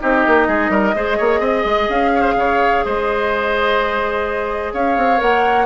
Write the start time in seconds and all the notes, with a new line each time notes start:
0.00 C4 D#4 G4 D#5
0.27 A#3
0.48 G#3 G#4
0.70 G3 A#4
0.95 G#3 G#4 C5
1.18 A#3 C#5
1.40 C4 D#5
1.65 G#3
1.90 C#4 F5
2.15 C5 C#5
2.36 C#3 C#5
2.85 G#3 C5 D#5
4.74 C#4 C#5 F5
4.98 C4
5.18 A#3 A#4 F#5